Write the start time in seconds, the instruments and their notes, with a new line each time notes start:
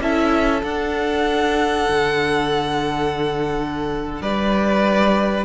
0.00 cello C#4, viola E4, violin A4 E5
0.61 viola D4, cello D4, violin F#5
1.90 cello D3
4.21 cello G3, violin B4 D5